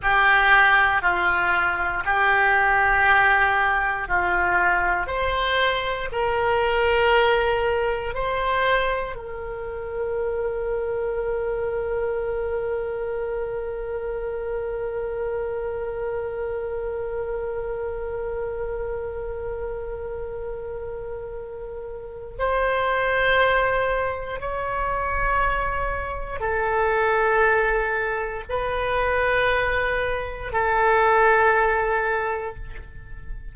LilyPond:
\new Staff \with { instrumentName = "oboe" } { \time 4/4 \tempo 4 = 59 g'4 f'4 g'2 | f'4 c''4 ais'2 | c''4 ais'2.~ | ais'1~ |
ais'1~ | ais'2 c''2 | cis''2 a'2 | b'2 a'2 | }